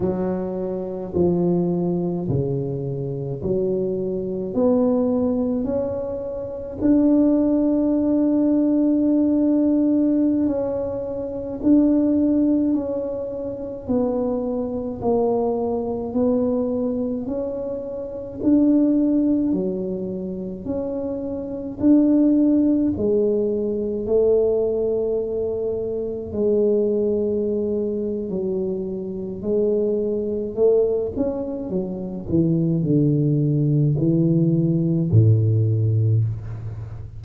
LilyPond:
\new Staff \with { instrumentName = "tuba" } { \time 4/4 \tempo 4 = 53 fis4 f4 cis4 fis4 | b4 cis'4 d'2~ | d'4~ d'16 cis'4 d'4 cis'8.~ | cis'16 b4 ais4 b4 cis'8.~ |
cis'16 d'4 fis4 cis'4 d'8.~ | d'16 gis4 a2 gis8.~ | gis4 fis4 gis4 a8 cis'8 | fis8 e8 d4 e4 a,4 | }